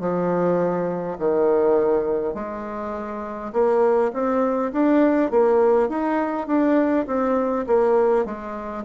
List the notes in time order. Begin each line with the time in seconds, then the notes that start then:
0.00 F3
1.19 D#3
2.35 G#3
3.53 A#3
4.13 C4
4.72 D4
5.30 A#3
5.89 D#4
6.47 D4
7.07 C4
7.67 A#3
8.25 G#3